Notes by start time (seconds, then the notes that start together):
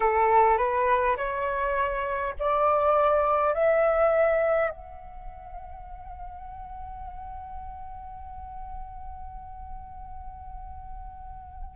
0.00 A4
0.57 B4
1.17 C#5
2.39 D5
3.53 E5
4.70 F#5